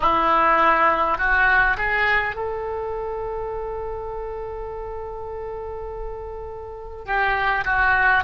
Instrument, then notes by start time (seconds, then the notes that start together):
oboe
0.00 E4
1.18 F#4
1.76 G#4
2.35 A4
7.05 G4
7.64 F#4